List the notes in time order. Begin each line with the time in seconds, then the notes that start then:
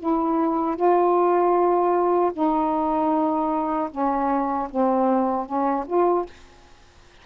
0.00 E4
0.77 F4
2.34 D#4
3.91 C#4
4.71 C4
5.47 C#4
5.87 F4